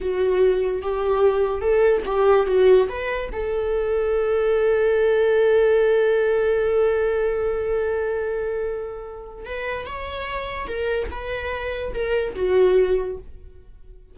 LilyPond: \new Staff \with { instrumentName = "viola" } { \time 4/4 \tempo 4 = 146 fis'2 g'2 | a'4 g'4 fis'4 b'4 | a'1~ | a'1~ |
a'1~ | a'2. b'4 | cis''2 ais'4 b'4~ | b'4 ais'4 fis'2 | }